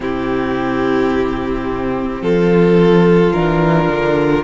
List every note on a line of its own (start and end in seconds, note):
0.00 2.21 C3
0.00 3.32 C4
0.00 2.21 E4
0.00 2.22 G4
2.21 3.33 F3
2.21 4.44 F4
2.21 3.33 A4
3.33 3.88 E3
3.33 4.44 D4
3.33 4.44 A#4
3.88 4.44 D3